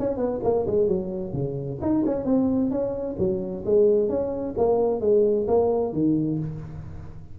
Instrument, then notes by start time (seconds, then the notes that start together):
tuba
0.00 C#4
0.17 B3
0.44 A#3
0.67 G#3
0.88 F#3
1.33 C#3
1.82 D#4
2.06 C#4
2.25 C4
2.71 C#4
3.19 F#3
3.66 G#3
4.09 C#4
4.58 A#3
5.01 G#3
5.48 A#3
5.94 D#3